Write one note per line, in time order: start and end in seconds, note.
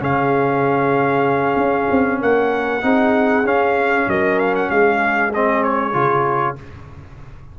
0.00 1.56 C#3
0.00 2.81 C#4
0.00 2.20 G#4
0.00 2.22 F5
1.56 1.87 C#4
1.91 2.22 C4
2.21 2.83 A#3
2.21 2.83 A#4
2.21 3.47 F#5
2.82 3.45 C4
2.82 3.44 D#4
2.82 4.09 G#4
3.45 4.07 C#4
3.45 5.33 C#4
3.45 4.09 F5
4.08 4.70 F#3
4.08 4.72 A#4
4.08 4.39 D#5
4.39 4.55 F5
4.55 4.70 F#5
4.70 5.94 G#3
4.70 6.59 G#4
4.70 5.33 F5
5.33 5.93 C4
5.33 5.63 D#5
5.63 6.57 C#5
5.93 6.57 C#3
5.93 6.56 F4